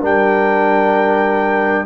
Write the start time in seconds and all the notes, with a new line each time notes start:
0.00 G3 D4 A#4 G5